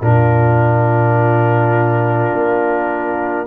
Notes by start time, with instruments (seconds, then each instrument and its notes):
0.00 tuba A#2, trombone D4, horn F4, trumpet A#4
2.33 tuba A#3